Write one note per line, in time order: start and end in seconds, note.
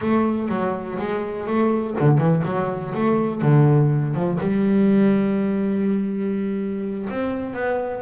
0.01 0.49 A3
0.49 0.97 F#3
0.98 1.46 G#3
1.46 1.95 A3
1.99 2.18 D3
2.18 2.42 E3
2.44 2.93 F#3
2.94 3.41 A3
3.41 4.14 D3
4.14 4.39 F3
4.40 7.08 G3
7.09 7.53 C4
7.53 8.01 B3